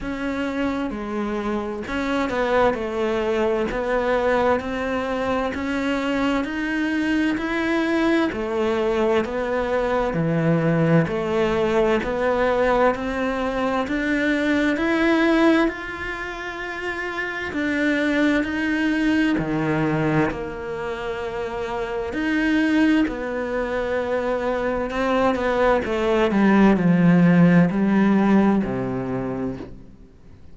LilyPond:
\new Staff \with { instrumentName = "cello" } { \time 4/4 \tempo 4 = 65 cis'4 gis4 cis'8 b8 a4 | b4 c'4 cis'4 dis'4 | e'4 a4 b4 e4 | a4 b4 c'4 d'4 |
e'4 f'2 d'4 | dis'4 dis4 ais2 | dis'4 b2 c'8 b8 | a8 g8 f4 g4 c4 | }